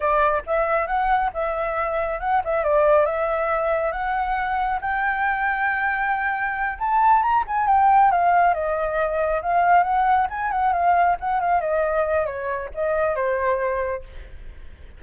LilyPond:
\new Staff \with { instrumentName = "flute" } { \time 4/4 \tempo 4 = 137 d''4 e''4 fis''4 e''4~ | e''4 fis''8 e''8 d''4 e''4~ | e''4 fis''2 g''4~ | g''2.~ g''8 a''8~ |
a''8 ais''8 gis''8 g''4 f''4 dis''8~ | dis''4. f''4 fis''4 gis''8 | fis''8 f''4 fis''8 f''8 dis''4. | cis''4 dis''4 c''2 | }